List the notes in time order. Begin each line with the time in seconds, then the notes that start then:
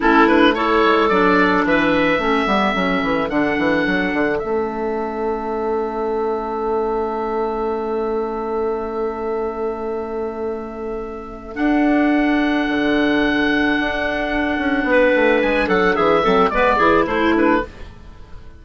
0.00 A3 C#4 E4 A4
0.27 D4 B4
0.54 E4 A4 C#5
0.84 G#3
1.08 F#3 D4 D5
1.64 E3 B4 E5
2.18 A3 C#4 A4
2.46 G3 B3
2.74 F#3 C#4
3.03 E3
3.29 D3 D4 F#5
3.58 E3
3.86 F#3
4.13 D3
4.38 A3 C#4 E5
11.54 D4 F#5
12.68 D3
13.79 D4
14.57 C#4
14.83 B3
14.90 B4
15.15 A3
15.42 G#3 G#5
15.67 F#3 A4 F#5
15.95 E3 G#4 E5
16.22 F#3 C4 A4
16.49 G#3 B3 B4 D5
16.76 E3 E4 G#4
17.05 A3 E4 C5
17.33 D4 B4